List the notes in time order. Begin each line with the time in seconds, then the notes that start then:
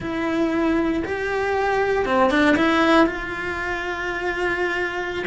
0.00 E4
1.04 G4
2.05 C4
2.30 D4
2.56 E4
3.06 F4